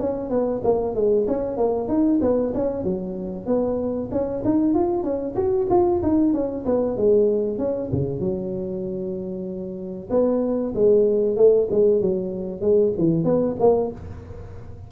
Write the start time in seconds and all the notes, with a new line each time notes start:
0.00 C#4
0.30 B3
0.64 A#3
0.95 G#3
1.27 C#4
1.57 A#3
1.88 D#4
2.22 B3
2.54 C#4
2.84 F#3
3.46 B3
4.11 C#4
4.45 D#4
4.74 F4
5.03 C#4
5.36 F#4
5.70 F4
6.03 D#4
6.34 C#4
6.66 B3
6.97 G#3
7.58 C#4
7.92 C#3
8.20 F#3
10.11 B3
10.75 G#3
11.37 A3
11.71 G#3
12.01 F#3
12.61 G#3
12.98 E3
13.24 B3
13.60 A#3